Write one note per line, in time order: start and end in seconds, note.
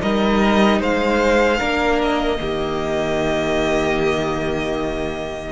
0.00 0.81 G3
0.00 1.58 D#4
0.00 0.80 A#4
0.00 0.81 D#5
0.80 1.60 G#3
0.80 1.59 C5
0.80 2.01 F5
1.58 2.40 A#3
1.58 2.37 D4
1.58 2.38 A#4
2.03 5.52 D#5
2.38 5.52 D#3
2.38 5.52 A#3
2.38 5.52 G4